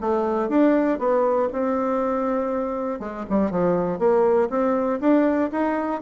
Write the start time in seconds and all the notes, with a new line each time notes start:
0.00 A3
0.49 D4
0.98 B3
1.52 C4
2.99 G#3
3.29 G3
3.50 F3
3.98 A#3
4.49 C4
5.00 D4
5.51 D#4